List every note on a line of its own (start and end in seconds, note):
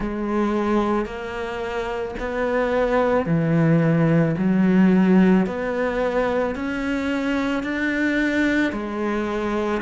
0.00 1.05 G#3
1.05 2.14 A#3
2.19 3.26 B3
3.26 4.35 E3
4.37 5.46 F#3
5.46 6.55 B3
6.55 7.63 C#4
7.63 8.72 D4
8.72 9.81 G#3